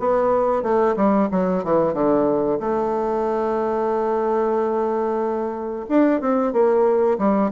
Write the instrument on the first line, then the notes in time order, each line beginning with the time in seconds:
bassoon
0.00 B3
0.63 A3
0.97 G3
1.32 F#3
1.65 E3
1.94 D3
2.60 A3
5.89 D4
6.21 C4
6.53 A#3
7.19 G3